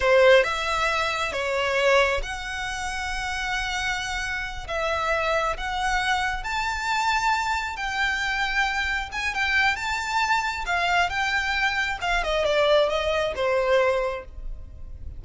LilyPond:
\new Staff \with { instrumentName = "violin" } { \time 4/4 \tempo 4 = 135 c''4 e''2 cis''4~ | cis''4 fis''2.~ | fis''2~ fis''8 e''4.~ | e''8 fis''2 a''4.~ |
a''4. g''2~ g''8~ | g''8 gis''8 g''4 a''2 | f''4 g''2 f''8 dis''8 | d''4 dis''4 c''2 | }